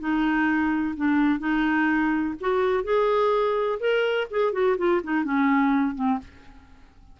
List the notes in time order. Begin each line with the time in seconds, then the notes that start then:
0.00 D#4
0.97 D4
1.39 D#4
2.40 F#4
2.84 G#4
3.80 A#4
4.31 G#4
4.53 F#4
4.78 F4
5.04 D#4
5.24 C#4
5.95 C4